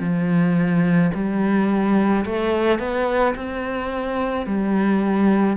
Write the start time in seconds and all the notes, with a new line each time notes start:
0.00 F3
1.14 G3
2.25 A3
2.79 B3
3.36 C4
4.46 G3